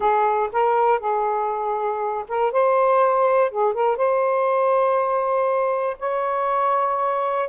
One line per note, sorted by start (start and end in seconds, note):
0.00 0.49 G#4
0.52 0.99 A#4
0.99 2.24 G#4
2.28 2.52 A#4
2.52 3.50 C5
3.50 3.73 G#4
3.73 3.96 A#4
3.96 5.96 C5
5.99 7.49 C#5